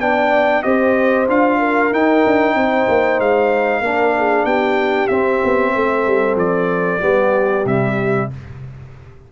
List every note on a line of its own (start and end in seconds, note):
0.00 0.64 B3
0.00 0.64 D4
0.00 0.64 D5
0.00 0.63 G5
0.63 1.28 C4
0.63 1.27 G4
0.63 1.59 C5
0.63 1.27 D#5
1.28 1.92 D4
1.28 1.92 F4
1.28 1.94 F5
1.59 2.55 A#4
1.92 2.24 D#4
1.92 3.84 D#4
1.92 3.20 G5
2.26 2.55 D4
2.55 2.87 C4
2.55 3.83 C5
2.89 3.20 A#3
3.20 3.81 G#3
3.20 4.46 F5
3.81 4.45 A#3
3.81 5.10 D4
3.81 4.15 A#4
4.18 4.46 G#4
4.45 5.09 B3
4.45 5.73 G4
4.45 5.08 G5
5.08 5.42 C4
5.08 7.00 C4
5.08 6.35 E5
5.45 5.76 B3
5.76 6.07 A3
5.76 7.04 A4
6.07 6.36 G3
6.36 6.99 F3
6.36 7.66 D5
7.00 7.65 G3
7.00 7.64 B3
7.00 8.32 G4
7.65 8.29 C3
7.65 8.31 G3
7.65 8.31 E5